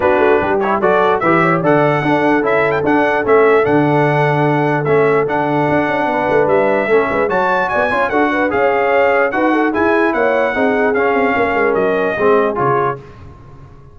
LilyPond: <<
  \new Staff \with { instrumentName = "trumpet" } { \time 4/4 \tempo 4 = 148 b'4. cis''8 d''4 e''4 | fis''2 e''8. g''16 fis''4 | e''4 fis''2. | e''4 fis''2. |
e''2 a''4 gis''4 | fis''4 f''2 fis''4 | gis''4 fis''2 f''4~ | f''4 dis''2 cis''4 | }
  \new Staff \with { instrumentName = "horn" } { \time 4/4 fis'4 g'4 a'4 b'8 cis''8 | d''4 a'2.~ | a'1~ | a'2. b'4~ |
b'4 a'8 b'8 cis''4 d''8 cis''8 | a'8 b'8 cis''2 b'8 a'8 | gis'4 cis''4 gis'2 | ais'2 gis'2 | }
  \new Staff \with { instrumentName = "trombone" } { \time 4/4 d'4. e'8 fis'4 g'4 | a'4 d'4 e'4 d'4 | cis'4 d'2. | cis'4 d'2.~ |
d'4 cis'4 fis'4. f'8 | fis'4 gis'2 fis'4 | e'2 dis'4 cis'4~ | cis'2 c'4 f'4 | }
  \new Staff \with { instrumentName = "tuba" } { \time 4/4 b8 a8 g4 fis4 e4 | d4 d'4 cis'4 d'4 | a4 d2. | a4 d4 d'8 cis'8 b8 a8 |
g4 a8 gis8 fis4 b8 cis'8 | d'4 cis'2 dis'4 | e'4 ais4 c'4 cis'8 c'8 | ais8 gis8 fis4 gis4 cis4 | }
>>